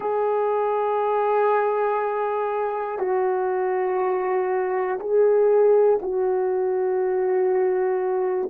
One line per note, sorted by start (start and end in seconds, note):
0.00 2.98 G#4
2.98 4.98 F#4
5.00 6.00 G#4
6.01 8.50 F#4